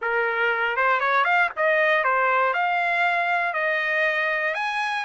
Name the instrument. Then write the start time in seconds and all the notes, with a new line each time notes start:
trumpet
0.01 A#4
0.76 C5
0.99 C#5
1.24 F5
1.56 D#5
2.04 C5
2.53 F5
3.53 D#5
4.54 G#5